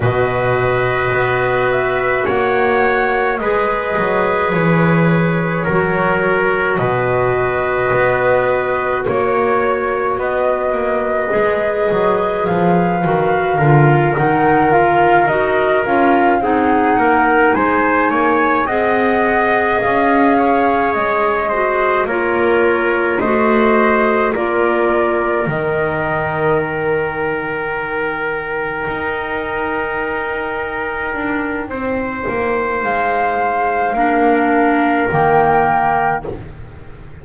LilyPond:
<<
  \new Staff \with { instrumentName = "flute" } { \time 4/4 \tempo 4 = 53 dis''4. e''8 fis''4 dis''4 | cis''2 dis''2 | cis''4 dis''2 f''4~ | f''8 fis''8 f''8 dis''8 f''8 fis''4 gis''8~ |
gis''8 fis''4 f''4 dis''4 cis''8~ | cis''8 dis''4 d''4 dis''4 g''8~ | g''1~ | g''4 f''2 g''4 | }
  \new Staff \with { instrumentName = "trumpet" } { \time 4/4 b'2 cis''4 b'4~ | b'4 ais'4 b'2 | cis''4 b'2. | ais'2~ ais'8 gis'8 ais'8 c''8 |
cis''8 dis''4. cis''4 c''8 ais'8~ | ais'8 c''4 ais'2~ ais'8~ | ais'1 | c''2 ais'2 | }
  \new Staff \with { instrumentName = "clarinet" } { \time 4/4 fis'2. gis'4~ | gis'4 fis'2.~ | fis'2 gis'4. fis'8 | f'8 dis'8 f'8 fis'8 f'8 dis'4.~ |
dis'8 gis'2~ gis'8 fis'8 f'8~ | f'8 fis'4 f'4 dis'4.~ | dis'1~ | dis'2 d'4 ais4 | }
  \new Staff \with { instrumentName = "double bass" } { \time 4/4 b,4 b4 ais4 gis8 fis8 | e4 fis4 b,4 b4 | ais4 b8 ais8 gis8 fis8 f8 dis8 | d8 dis4 dis'8 cis'8 c'8 ais8 gis8 |
ais8 c'4 cis'4 gis4 ais8~ | ais8 a4 ais4 dis4.~ | dis4. dis'2 d'8 | c'8 ais8 gis4 ais4 dis4 | }
>>